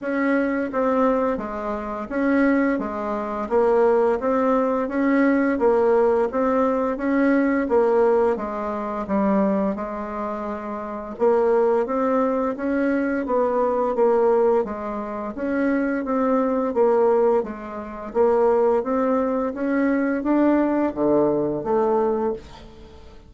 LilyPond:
\new Staff \with { instrumentName = "bassoon" } { \time 4/4 \tempo 4 = 86 cis'4 c'4 gis4 cis'4 | gis4 ais4 c'4 cis'4 | ais4 c'4 cis'4 ais4 | gis4 g4 gis2 |
ais4 c'4 cis'4 b4 | ais4 gis4 cis'4 c'4 | ais4 gis4 ais4 c'4 | cis'4 d'4 d4 a4 | }